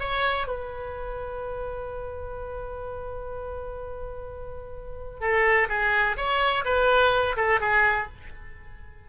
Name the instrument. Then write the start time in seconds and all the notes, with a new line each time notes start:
oboe
0.00 C#5
0.48 B4
5.21 A4
5.69 G#4
6.17 C#5
6.65 B4
7.37 A4
7.61 G#4